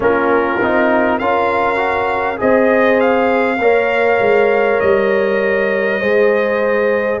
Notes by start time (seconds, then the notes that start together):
0.00 A#3 C#4 F4 A#4
0.61 C4 D#4
1.19 C#4 F4 A#4 F5
1.76 F#4
2.36 C4 G#4 C5 D#5
3.00 F5
3.58 A#3 A#4 C#5
4.20 G#3
4.80 G3 D#5
6.00 G#3 G#4 C5